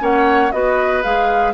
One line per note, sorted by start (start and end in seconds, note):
0.00 0.52 A#3
0.00 0.51 C#4
0.00 0.53 C#5
0.00 0.52 F#5
0.52 1.04 B3
0.52 1.03 F#4
0.52 1.54 B4
0.52 1.03 D#5
1.03 1.54 G#3
1.03 1.54 G#4
1.03 1.54 F5